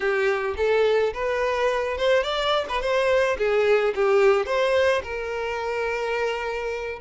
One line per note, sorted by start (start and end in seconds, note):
0.00 0.54 G4
0.57 1.13 A4
1.13 1.97 B4
1.97 2.23 C5
2.23 2.65 D5
2.68 2.81 B4
2.81 3.37 C5
3.38 3.94 G#4
3.95 4.46 G4
4.46 5.02 C5
5.03 6.99 A#4